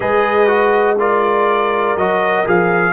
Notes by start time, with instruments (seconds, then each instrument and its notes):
0.00 tuba G#3, trombone G#4, horn B4, trumpet D#5
0.46 trombone F#4
0.99 trombone F4, horn A#4, trumpet D5
1.95 tuba F#3, trombone F#4, trumpet D#5
2.45 tuba F3, trombone G#4, trumpet F5